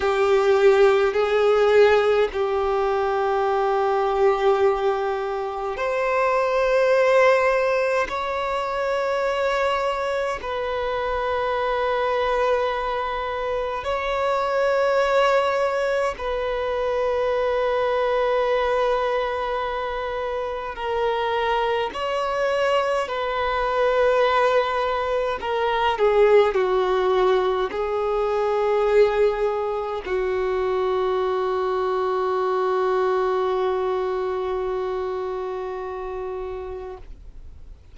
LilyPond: \new Staff \with { instrumentName = "violin" } { \time 4/4 \tempo 4 = 52 g'4 gis'4 g'2~ | g'4 c''2 cis''4~ | cis''4 b'2. | cis''2 b'2~ |
b'2 ais'4 cis''4 | b'2 ais'8 gis'8 fis'4 | gis'2 fis'2~ | fis'1 | }